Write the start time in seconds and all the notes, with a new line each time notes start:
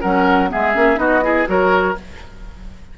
0.00 F#3 C#4 A#4 F#5
0.48 B3 G#4 E5
0.54 G#3
0.73 A#3 C#4
0.95 B3 D#4 F#4 D#5
1.22 E4 G#4
1.46 F#3 F#4 A#4 C#5